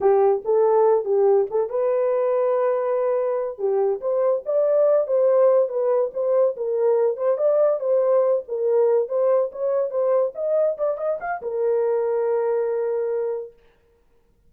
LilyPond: \new Staff \with { instrumentName = "horn" } { \time 4/4 \tempo 4 = 142 g'4 a'4. g'4 a'8 | b'1~ | b'8 g'4 c''4 d''4. | c''4. b'4 c''4 ais'8~ |
ais'4 c''8 d''4 c''4. | ais'4. c''4 cis''4 c''8~ | c''8 dis''4 d''8 dis''8 f''8 ais'4~ | ais'1 | }